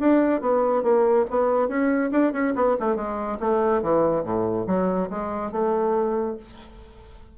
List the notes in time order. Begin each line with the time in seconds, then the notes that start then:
0.00 D4
0.41 B3
0.83 A#3
1.31 B3
1.68 C#4
2.12 D4
2.33 C#4
2.56 B3
2.80 A3
2.96 G#3
3.40 A3
3.82 E3
4.24 A2
4.67 F#3
5.10 G#3
5.52 A3